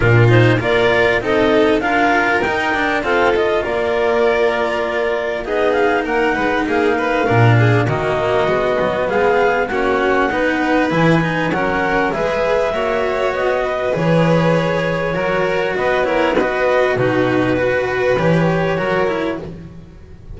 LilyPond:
<<
  \new Staff \with { instrumentName = "clarinet" } { \time 4/4 \tempo 4 = 99 ais'8 c''8 d''4 dis''4 f''4 | g''4 f''8 dis''8 d''2~ | d''4 dis''8 f''8 fis''4 f''4~ | f''4 dis''2 f''4 |
fis''2 gis''4 fis''4 | e''2 dis''4 cis''4~ | cis''2 dis''8 cis''8 dis''4 | b'2 cis''2 | }
  \new Staff \with { instrumentName = "violin" } { \time 4/4 f'4 ais'4 a'4 ais'4~ | ais'4 a'4 ais'2~ | ais'4 gis'4 ais'8 b'8 gis'8 b'8 | ais'8 gis'8 fis'2 gis'4 |
fis'4 b'2 ais'4 | b'4 cis''4. b'4.~ | b'4 ais'4 b'8 ais'8 b'4 | fis'4 b'2 ais'4 | }
  \new Staff \with { instrumentName = "cello" } { \time 4/4 d'8 dis'8 f'4 dis'4 f'4 | dis'8 d'8 c'8 f'2~ f'8~ | f'4 dis'2. | d'4 ais4 b2 |
cis'4 dis'4 e'8 dis'8 cis'4 | gis'4 fis'2 gis'4~ | gis'4 fis'4. e'8 fis'4 | dis'4 fis'4 g'4 fis'8 e'8 | }
  \new Staff \with { instrumentName = "double bass" } { \time 4/4 ais,4 ais4 c'4 d'4 | dis'4 f'4 ais2~ | ais4 b4 ais8 gis8 ais4 | ais,4 dis4 gis8 fis8 gis4 |
ais4 b4 e4 fis4 | gis4 ais4 b4 e4~ | e4 fis4 b2 | b,2 e4 fis4 | }
>>